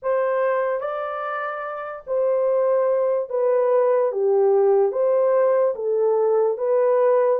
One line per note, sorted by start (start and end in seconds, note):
0.02 0.80 C5
0.80 2.03 D5
2.07 3.29 C5
3.29 4.11 B4
4.12 4.92 G4
4.92 5.74 C5
5.75 6.57 A4
6.58 7.39 B4